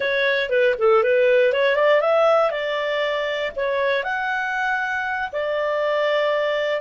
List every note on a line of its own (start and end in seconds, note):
0.00 0.49 C#5
0.49 0.74 B4
0.78 1.03 A4
1.03 1.52 B4
1.52 1.75 C#5
1.75 2.00 D5
2.00 2.50 E5
2.50 3.51 D5
3.56 4.03 C#5
4.03 5.29 F#5
5.32 6.81 D5